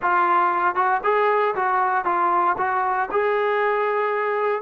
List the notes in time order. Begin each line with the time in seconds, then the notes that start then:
0.01 F4
0.75 F#4
1.03 G#4
1.55 F#4
2.05 F4
2.57 F#4
3.11 G#4